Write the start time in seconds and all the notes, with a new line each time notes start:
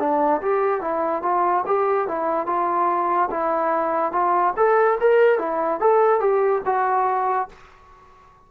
0.00 D4
0.42 G4
0.81 E4
1.23 F4
1.67 G4
2.08 E4
2.47 F4
3.31 E4
4.13 F4
4.57 A4
5.01 A#4
5.39 E4
5.81 A4
6.21 G4
6.66 F#4